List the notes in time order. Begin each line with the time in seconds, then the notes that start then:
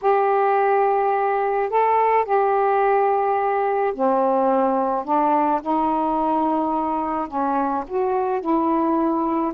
0.01 G4
1.69 A4
2.24 G4
3.94 C4
5.04 D4
5.61 D#4
7.28 C#4
7.87 F#4
8.40 E4